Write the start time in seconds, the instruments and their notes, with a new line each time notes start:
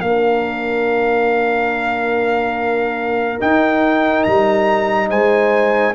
0.00 tuba A#3, trombone D4, trumpet F5
0.06 horn A#4
3.40 trombone D#4, tuba D#4, trumpet G5
4.23 tuba G3, trumpet A#5
5.09 tuba G#3, horn C5, trumpet G#5